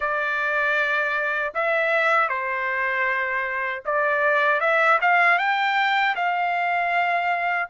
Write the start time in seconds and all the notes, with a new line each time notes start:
0.00 D5
1.54 E5
2.28 C5
3.85 D5
4.60 E5
5.01 F5
5.38 G5
6.15 F5